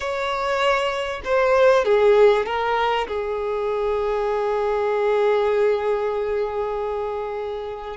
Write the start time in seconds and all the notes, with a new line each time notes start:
0.00 C#5
1.24 C5
1.85 G#4
2.46 A#4
3.08 G#4